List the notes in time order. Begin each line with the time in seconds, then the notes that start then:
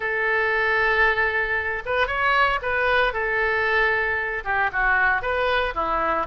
0.00 A4
1.85 B4
2.07 C#5
2.61 B4
3.13 A4
4.44 G4
4.72 F#4
5.22 B4
5.74 E4